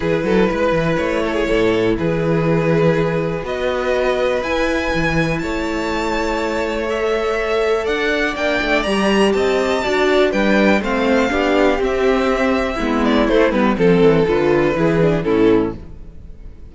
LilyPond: <<
  \new Staff \with { instrumentName = "violin" } { \time 4/4 \tempo 4 = 122 b'2 cis''2 | b'2. dis''4~ | dis''4 gis''2 a''4~ | a''2 e''2 |
fis''4 g''4 ais''4 a''4~ | a''4 g''4 f''2 | e''2~ e''8 d''8 c''8 b'8 | a'4 b'2 a'4 | }
  \new Staff \with { instrumentName = "violin" } { \time 4/4 gis'8 a'8 b'4. a'16 gis'16 a'4 | gis'2. b'4~ | b'2. cis''4~ | cis''1 |
d''2. dis''4 | d''4 b'4 c''4 g'4~ | g'2 e'2 | a'2 gis'4 e'4 | }
  \new Staff \with { instrumentName = "viola" } { \time 4/4 e'1~ | e'2. fis'4~ | fis'4 e'2.~ | e'2 a'2~ |
a'4 d'4 g'2 | fis'4 d'4 c'4 d'4 | c'2 b4 a8 b8 | c'4 f'4 e'8 d'8 cis'4 | }
  \new Staff \with { instrumentName = "cello" } { \time 4/4 e8 fis8 gis8 e8 a4 a,4 | e2. b4~ | b4 e'4 e4 a4~ | a1 |
d'4 ais8 a8 g4 c'4 | d'4 g4 a4 b4 | c'2 gis4 a8 g8 | f8 e8 d4 e4 a,4 | }
>>